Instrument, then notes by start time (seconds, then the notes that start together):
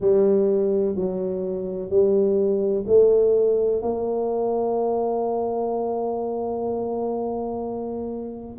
tuba
0.00 G3
0.95 F#3
1.89 G3
2.86 A3
3.81 A#3